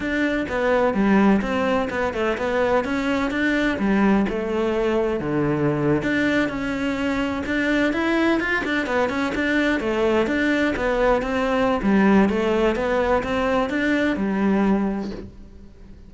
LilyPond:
\new Staff \with { instrumentName = "cello" } { \time 4/4 \tempo 4 = 127 d'4 b4 g4 c'4 | b8 a8 b4 cis'4 d'4 | g4 a2 d4~ | d8. d'4 cis'2 d'16~ |
d'8. e'4 f'8 d'8 b8 cis'8 d'16~ | d'8. a4 d'4 b4 c'16~ | c'4 g4 a4 b4 | c'4 d'4 g2 | }